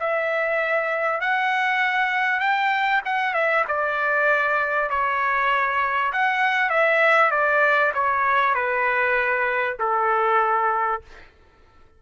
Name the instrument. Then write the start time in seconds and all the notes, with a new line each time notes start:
trumpet
0.00 E5
1.21 F#5
2.40 G5
3.05 F#5
3.34 E5
3.68 D5
4.90 C#5
6.13 F#5
6.70 E5
7.31 D5
7.94 C#5
8.55 B4
9.80 A4